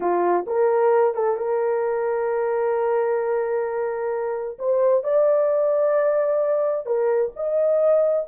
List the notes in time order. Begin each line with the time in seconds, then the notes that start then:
0.00 F4
0.46 A#4
1.14 A4
1.37 A#4
4.59 C5
5.03 D5
6.86 A#4
7.36 D#5